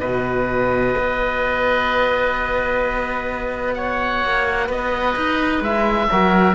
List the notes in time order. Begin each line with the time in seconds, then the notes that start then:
0.00 B2 F#4 B4 D#5
0.98 B3
3.74 C#5 F#5
4.24 A#3
4.67 B3 B4 D#5
5.16 D#4
5.61 G#3 E4 E5
6.11 F#3 F#4 A#4